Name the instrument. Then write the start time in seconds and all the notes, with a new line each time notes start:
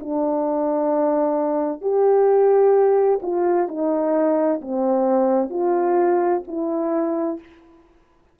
horn
0.00 D4
1.82 G4
3.23 F4
3.68 D#4
4.62 C4
5.50 F4
6.48 E4